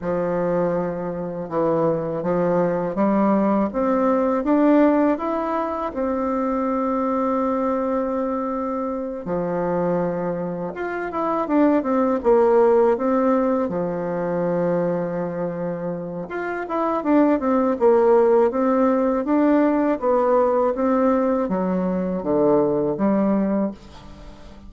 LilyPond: \new Staff \with { instrumentName = "bassoon" } { \time 4/4 \tempo 4 = 81 f2 e4 f4 | g4 c'4 d'4 e'4 | c'1~ | c'8 f2 f'8 e'8 d'8 |
c'8 ais4 c'4 f4.~ | f2 f'8 e'8 d'8 c'8 | ais4 c'4 d'4 b4 | c'4 fis4 d4 g4 | }